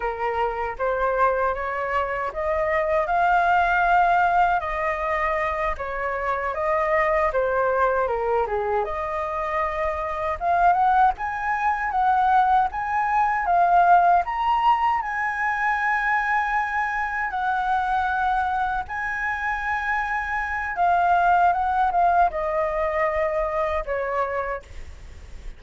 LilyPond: \new Staff \with { instrumentName = "flute" } { \time 4/4 \tempo 4 = 78 ais'4 c''4 cis''4 dis''4 | f''2 dis''4. cis''8~ | cis''8 dis''4 c''4 ais'8 gis'8 dis''8~ | dis''4. f''8 fis''8 gis''4 fis''8~ |
fis''8 gis''4 f''4 ais''4 gis''8~ | gis''2~ gis''8 fis''4.~ | fis''8 gis''2~ gis''8 f''4 | fis''8 f''8 dis''2 cis''4 | }